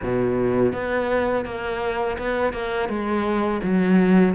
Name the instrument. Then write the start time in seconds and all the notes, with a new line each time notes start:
cello
0.02 B2
0.72 B3
1.45 A#3
2.18 B3
2.52 A#3
2.88 G#3
3.63 F#3